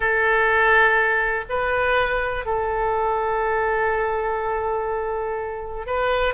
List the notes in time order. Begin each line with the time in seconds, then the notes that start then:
0.00 A4
1.49 B4
2.45 A4
5.86 B4